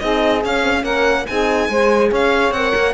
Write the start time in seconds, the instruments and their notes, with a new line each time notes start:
0.00 cello C4, horn D#4, saxophone G#4, violin D#5
0.44 cello C#4, horn C#4, violin F5
0.62 horn C4
0.75 horn C#4
0.83 cello A#3, saxophone A#4, violin F#5
1.27 cello C4, horn D#4, saxophone G#4, violin G#5
1.69 cello G#3, horn G#4, saxophone C5
2.10 cello C#4, saxophone C#5, violin F5
2.52 cello C4, horn A#4, violin F#5
2.75 cello A#3